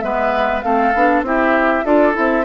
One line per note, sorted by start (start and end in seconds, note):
0.00 0.63 G#3
0.00 0.62 B3
0.00 0.64 B4
0.00 0.61 E5
0.61 0.94 A3
0.61 0.93 C4
0.61 1.25 A4
0.61 1.22 F5
0.94 1.22 B3
0.94 1.24 D4
1.22 1.82 C4
1.22 1.84 E4
1.22 1.85 G4
1.22 1.85 E5
1.84 2.15 D4
1.84 2.13 F4
1.84 2.45 A4
1.84 2.16 D5
2.13 2.45 C4
2.13 2.43 E4
2.13 2.45 E5